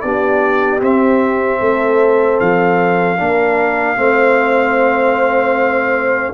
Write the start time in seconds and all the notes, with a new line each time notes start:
0.00 B3 D4 G4 D5
0.81 C4 E5
1.59 A3 A4
2.39 F3 F5
3.17 A#3 D4 A#4
3.96 A3 C4 C5